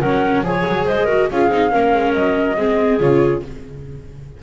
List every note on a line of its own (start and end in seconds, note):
0.00 0.43 F#3
0.00 0.45 C#4
0.00 0.44 A#4
0.00 0.43 F#5
0.43 0.64 F3
0.43 1.08 G#4
0.43 0.86 C#5
0.43 0.86 G#5
0.68 0.89 F#3
0.86 1.30 G#3
0.86 1.05 C5
0.86 1.30 D#5
1.05 1.29 F#4
1.05 1.27 A#4
1.30 1.49 C#4
1.30 1.51 F4
1.30 1.71 G#4
1.30 2.14 F5
1.49 1.71 C4
1.49 1.70 D#4
1.70 1.95 A#3
1.70 2.55 C#4
1.70 2.56 A#4
1.95 2.15 G#3
2.14 2.57 F#3
2.14 2.99 D#5
2.57 3.00 G#3
2.57 3.00 C4
2.57 3.42 G#4
3.00 3.43 C#3
3.00 3.42 F4
3.00 3.42 C#5